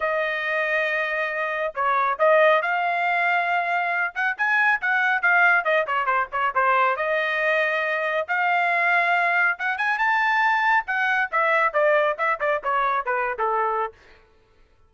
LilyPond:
\new Staff \with { instrumentName = "trumpet" } { \time 4/4 \tempo 4 = 138 dis''1 | cis''4 dis''4 f''2~ | f''4. fis''8 gis''4 fis''4 | f''4 dis''8 cis''8 c''8 cis''8 c''4 |
dis''2. f''4~ | f''2 fis''8 gis''8 a''4~ | a''4 fis''4 e''4 d''4 | e''8 d''8 cis''4 b'8. a'4~ a'16 | }